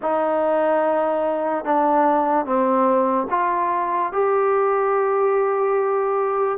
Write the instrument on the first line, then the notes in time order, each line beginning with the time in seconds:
trombone
0.01 D#4
1.64 D4
2.45 C4
3.30 F4
4.12 G4